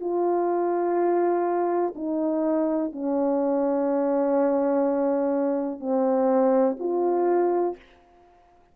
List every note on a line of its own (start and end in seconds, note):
0.00 1.94 F4
1.95 2.92 D#4
2.92 5.80 C#4
5.80 6.77 C4
6.79 7.76 F4